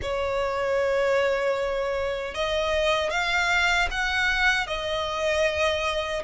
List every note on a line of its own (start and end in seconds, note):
0.01 2.34 C#5
2.34 3.10 D#5
3.10 3.88 F5
3.91 4.66 F#5
4.66 6.22 D#5